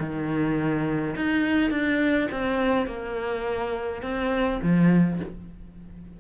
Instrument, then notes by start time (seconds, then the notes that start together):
cello
0.00 D#3
1.16 D#4
1.71 D4
2.31 C4
2.87 A#3
4.02 C4
4.62 F3